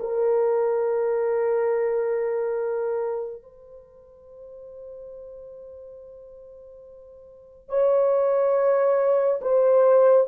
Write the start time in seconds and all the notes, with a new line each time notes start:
0.00 A#4
3.43 C5
7.69 C#5
9.42 C5